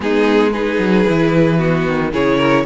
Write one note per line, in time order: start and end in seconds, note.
0.00 0.78 G#3
0.00 0.51 B3
0.00 0.52 D#4
0.00 0.52 G#4
0.52 1.06 D#4
0.52 1.58 G#4
0.52 2.11 B4
0.78 1.05 F#3
1.06 1.87 E3
1.06 1.57 E4
1.57 2.10 B3
1.57 2.11 F#4
1.87 2.12 D#3
2.12 2.65 C#3
2.12 2.65 E4
2.12 2.37 G#4
2.12 2.65 C#5
2.37 2.63 A#4